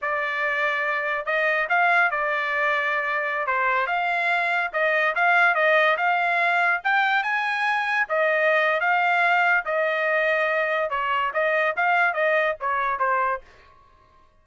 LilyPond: \new Staff \with { instrumentName = "trumpet" } { \time 4/4 \tempo 4 = 143 d''2. dis''4 | f''4 d''2.~ | d''16 c''4 f''2 dis''8.~ | dis''16 f''4 dis''4 f''4.~ f''16~ |
f''16 g''4 gis''2 dis''8.~ | dis''4 f''2 dis''4~ | dis''2 cis''4 dis''4 | f''4 dis''4 cis''4 c''4 | }